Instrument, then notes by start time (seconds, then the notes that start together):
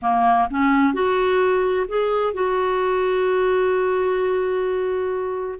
clarinet
0.01 A#3
0.50 C#4
0.93 F#4
1.88 G#4
2.33 F#4